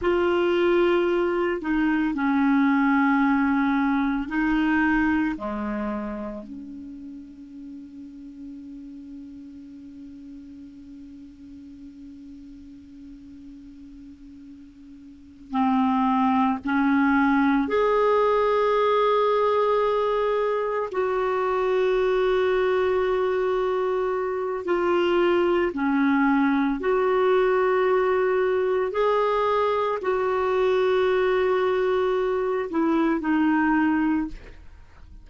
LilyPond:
\new Staff \with { instrumentName = "clarinet" } { \time 4/4 \tempo 4 = 56 f'4. dis'8 cis'2 | dis'4 gis4 cis'2~ | cis'1~ | cis'2~ cis'8 c'4 cis'8~ |
cis'8 gis'2. fis'8~ | fis'2. f'4 | cis'4 fis'2 gis'4 | fis'2~ fis'8 e'8 dis'4 | }